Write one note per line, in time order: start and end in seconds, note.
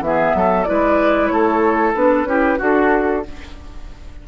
0.00 0.32 E3
0.00 0.66 B3
0.00 0.64 E5
0.06 0.36 G#4
0.35 0.67 F#3
0.35 0.69 A4
0.64 1.31 G#3
0.64 1.95 E4
0.64 1.33 B4
0.64 1.28 D5
1.28 1.94 A3
1.28 2.28 A4
1.28 1.92 C#5
1.94 2.24 B3
1.94 2.27 D4
1.94 2.62 B4
2.24 2.56 C#4
2.24 2.58 E4
2.24 2.58 G4
2.58 3.26 D4
2.58 3.23 F#4
2.58 3.28 A4